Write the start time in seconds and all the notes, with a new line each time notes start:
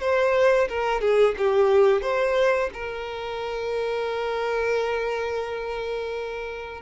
0.00 C5
0.68 A#4
1.01 G#4
1.38 G4
2.01 C5
2.73 A#4